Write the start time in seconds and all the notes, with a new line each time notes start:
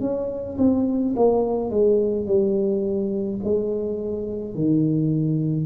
0.00 C#4
0.58 C4
1.16 A#3
1.70 G#3
2.26 G3
3.43 G#3
4.54 D#3